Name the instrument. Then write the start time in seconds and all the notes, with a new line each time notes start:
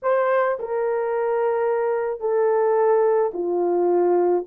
horn
0.02 C5
0.59 A#4
2.20 A4
3.33 F4